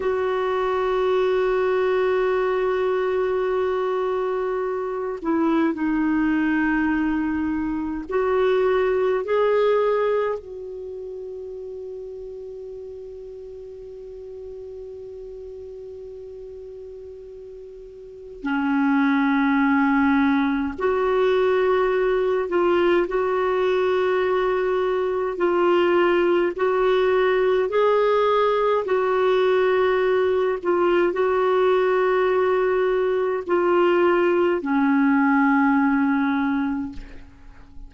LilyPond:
\new Staff \with { instrumentName = "clarinet" } { \time 4/4 \tempo 4 = 52 fis'1~ | fis'8 e'8 dis'2 fis'4 | gis'4 fis'2.~ | fis'1 |
cis'2 fis'4. f'8 | fis'2 f'4 fis'4 | gis'4 fis'4. f'8 fis'4~ | fis'4 f'4 cis'2 | }